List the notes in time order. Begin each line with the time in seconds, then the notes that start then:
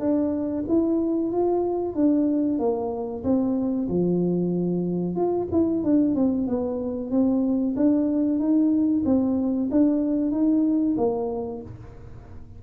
0.00 D4
0.68 E4
1.32 F4
1.95 D4
2.59 A#3
3.24 C4
3.89 F3
5.16 F4
5.52 E4
5.84 D4
6.15 C4
6.47 B3
7.11 C4
7.76 D4
8.39 D#4
9.05 C4
9.72 D4
10.31 D#4
10.97 A#3